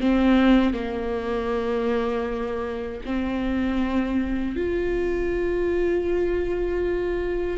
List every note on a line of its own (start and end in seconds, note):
0.00 0.73 C4
0.73 3.01 A#3
3.05 4.56 C4
4.56 7.57 F4